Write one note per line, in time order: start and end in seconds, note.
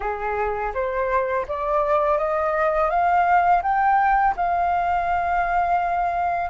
0.00 0.72 G#4
0.74 1.46 C5
1.48 2.18 D5
2.18 2.89 D#5
2.89 3.62 F5
3.62 4.34 G5
4.36 6.50 F5